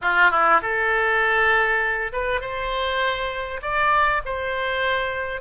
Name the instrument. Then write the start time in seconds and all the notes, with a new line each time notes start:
oboe
0.01 F4
0.31 E4
0.62 A4
2.12 B4
2.40 C5
3.62 D5
4.25 C5